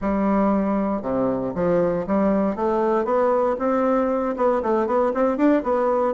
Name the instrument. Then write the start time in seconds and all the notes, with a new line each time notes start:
bassoon
0.01 G3
1.01 C3
1.54 F3
2.07 G3
2.55 A3
3.04 B3
3.59 C4
4.36 B3
4.62 A3
4.86 B3
5.14 C4
5.37 D4
5.63 B3